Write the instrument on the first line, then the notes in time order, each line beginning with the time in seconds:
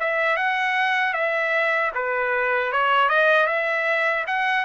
trumpet
0.00 E5
0.36 F#5
1.14 E5
1.95 B4
2.72 C#5
3.09 D#5
3.47 E5
4.27 F#5